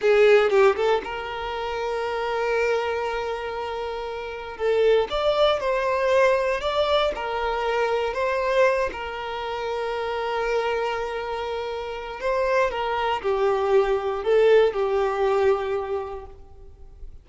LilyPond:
\new Staff \with { instrumentName = "violin" } { \time 4/4 \tempo 4 = 118 gis'4 g'8 a'8 ais'2~ | ais'1~ | ais'4 a'4 d''4 c''4~ | c''4 d''4 ais'2 |
c''4. ais'2~ ais'8~ | ais'1 | c''4 ais'4 g'2 | a'4 g'2. | }